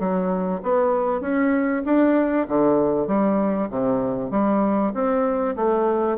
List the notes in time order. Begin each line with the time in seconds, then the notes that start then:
0.00 F#3
0.63 B3
1.21 C#4
1.86 D4
2.49 D3
3.08 G3
3.70 C3
4.31 G3
4.94 C4
5.56 A3